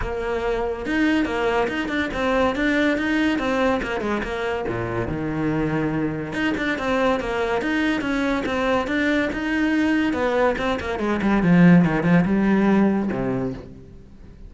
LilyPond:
\new Staff \with { instrumentName = "cello" } { \time 4/4 \tempo 4 = 142 ais2 dis'4 ais4 | dis'8 d'8 c'4 d'4 dis'4 | c'4 ais8 gis8 ais4 ais,4 | dis2. dis'8 d'8 |
c'4 ais4 dis'4 cis'4 | c'4 d'4 dis'2 | b4 c'8 ais8 gis8 g8 f4 | dis8 f8 g2 c4 | }